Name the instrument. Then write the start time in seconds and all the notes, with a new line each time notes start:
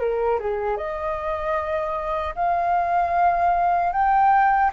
flute
0.00 A#4
0.40 G#4
0.77 D#5
2.35 F5
3.93 G5